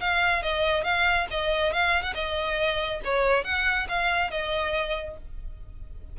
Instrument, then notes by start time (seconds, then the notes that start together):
violin
0.00 F5
0.42 D#5
0.84 F5
1.30 D#5
1.73 F5
2.03 F#5
2.14 D#5
3.04 C#5
3.44 F#5
3.88 F5
4.30 D#5